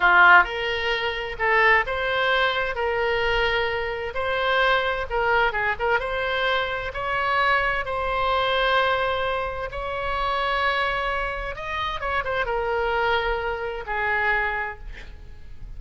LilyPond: \new Staff \with { instrumentName = "oboe" } { \time 4/4 \tempo 4 = 130 f'4 ais'2 a'4 | c''2 ais'2~ | ais'4 c''2 ais'4 | gis'8 ais'8 c''2 cis''4~ |
cis''4 c''2.~ | c''4 cis''2.~ | cis''4 dis''4 cis''8 c''8 ais'4~ | ais'2 gis'2 | }